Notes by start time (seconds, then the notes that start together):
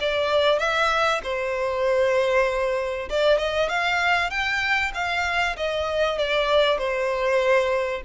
0.00 D5
0.59 E5
1.23 C5
3.09 D5
3.38 D#5
3.69 F5
4.30 G5
4.94 F5
5.56 D#5
6.18 D5
6.78 C5